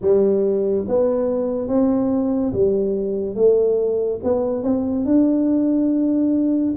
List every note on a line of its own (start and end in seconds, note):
0.01 0.85 G3
0.88 1.67 B3
1.67 2.52 C4
2.52 3.35 G3
3.35 4.19 A3
4.23 4.62 B3
4.62 5.05 C4
5.05 6.74 D4